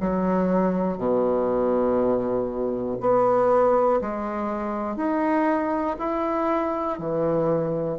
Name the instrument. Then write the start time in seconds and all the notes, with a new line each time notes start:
bassoon
0.00 F#3
0.98 B2
3.00 B3
4.01 G#3
4.96 D#4
5.99 E4
6.98 E3